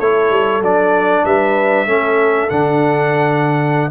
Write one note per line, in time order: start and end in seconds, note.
0.00 0.31 A3
0.00 0.64 E4
0.00 1.25 A4
0.00 0.63 C#5
0.31 0.61 G3
0.61 1.24 F#3
0.61 1.88 D4
0.61 1.26 D5
1.25 1.87 G3
1.25 1.88 B4
1.25 2.50 E5
1.87 2.49 A3
1.87 2.50 C#4
1.87 3.92 A4
2.50 3.92 D3
2.50 3.91 D4
2.50 3.91 F#5